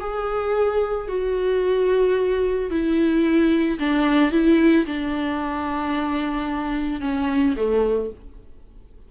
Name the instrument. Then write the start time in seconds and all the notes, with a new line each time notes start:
viola
0.00 G#4
1.08 F#4
2.71 E4
3.79 D4
4.32 E4
4.86 D4
7.00 C#4
7.56 A3